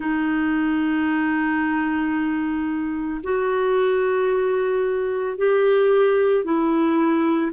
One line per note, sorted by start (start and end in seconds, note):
0.00 3.21 D#4
3.23 5.37 F#4
5.37 6.44 G4
6.44 7.51 E4